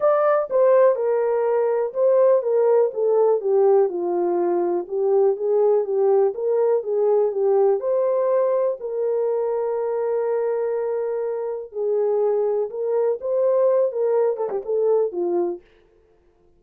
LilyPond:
\new Staff \with { instrumentName = "horn" } { \time 4/4 \tempo 4 = 123 d''4 c''4 ais'2 | c''4 ais'4 a'4 g'4 | f'2 g'4 gis'4 | g'4 ais'4 gis'4 g'4 |
c''2 ais'2~ | ais'1 | gis'2 ais'4 c''4~ | c''8 ais'4 a'16 g'16 a'4 f'4 | }